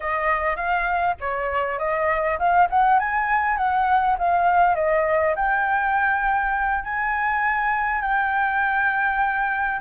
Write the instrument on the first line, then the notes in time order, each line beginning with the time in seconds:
flute
0.00 D#5
0.56 F5
1.20 C#5
1.78 D#5
2.38 F5
2.70 F#5
2.99 G#5
3.57 F#5
4.18 F5
4.75 D#5
5.35 G5
6.83 G#5
8.01 G5